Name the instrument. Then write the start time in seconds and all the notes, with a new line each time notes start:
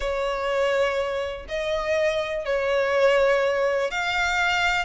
violin
0.00 C#5
1.48 D#5
2.45 C#5
3.90 F5